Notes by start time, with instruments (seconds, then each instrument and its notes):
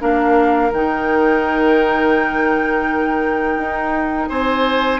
0.00 bassoon A#3, clarinet D4, oboe A#4, flute F5
0.72 bassoon D#3, clarinet D#4, flute G5
3.58 bassoon D#4
4.29 bassoon C4, oboe C5, flute G#5